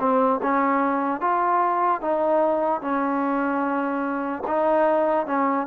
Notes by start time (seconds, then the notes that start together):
0.00 C4
0.43 C#4
1.21 F4
2.02 D#4
2.82 C#4
4.47 D#4
5.27 C#4